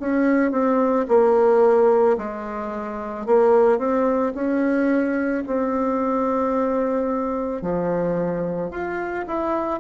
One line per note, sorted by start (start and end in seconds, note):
0.00 0.52 C#4
0.52 1.06 C4
1.08 2.17 A#3
2.18 3.26 G#3
3.26 3.78 A#3
3.78 4.33 C4
4.35 5.44 C#4
5.46 7.62 C4
7.62 8.71 F3
8.71 9.25 F4
9.27 9.80 E4